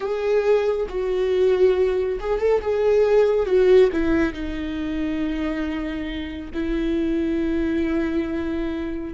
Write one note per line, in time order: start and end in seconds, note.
0.00 0.86 G#4
0.88 2.19 F#4
2.20 2.39 G#4
2.39 2.60 A4
2.61 3.46 G#4
3.46 3.89 F#4
3.92 4.33 E4
4.33 6.50 D#4
6.53 9.13 E4